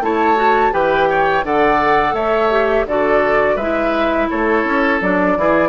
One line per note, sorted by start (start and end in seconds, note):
0.00 0.71 A3
0.00 0.36 E4
0.00 0.73 C#5
0.00 0.73 A5
0.36 0.72 F#4
0.72 1.44 E3
0.72 1.43 G4
0.72 1.09 B4
0.72 1.45 G5
1.10 1.45 C#5
1.44 2.13 D3
1.44 2.51 A4
1.44 2.14 D5
1.44 2.15 F#5
2.13 2.85 A3
2.13 2.86 C#5
2.13 2.86 E5
2.51 2.87 G4
2.86 3.56 D3
2.86 3.60 F#4
2.86 3.56 A4
2.86 3.57 D5
3.56 4.28 G#3
3.56 5.02 E4
3.56 4.27 B4
3.56 4.29 E5
4.30 4.65 A3
4.30 5.37 A4
4.30 5.01 C#5
4.65 5.00 C#4
5.01 5.37 F#3
5.01 5.38 D4
5.01 5.69 D5
5.37 5.69 E3
5.37 5.69 E4
5.37 5.69 G#4